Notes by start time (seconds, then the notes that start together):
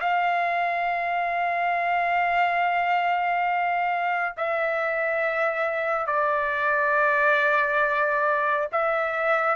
0.00 F5
4.37 E5
6.07 D5
8.72 E5